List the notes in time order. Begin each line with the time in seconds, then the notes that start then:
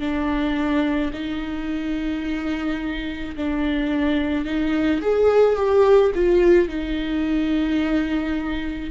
0.00 D4
1.14 D#4
3.36 D4
4.46 D#4
5.02 G#4
5.57 G4
6.15 F4
6.69 D#4